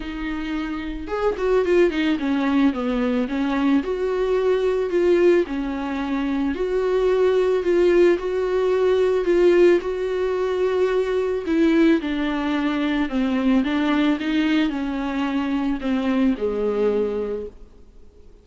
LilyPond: \new Staff \with { instrumentName = "viola" } { \time 4/4 \tempo 4 = 110 dis'2 gis'8 fis'8 f'8 dis'8 | cis'4 b4 cis'4 fis'4~ | fis'4 f'4 cis'2 | fis'2 f'4 fis'4~ |
fis'4 f'4 fis'2~ | fis'4 e'4 d'2 | c'4 d'4 dis'4 cis'4~ | cis'4 c'4 gis2 | }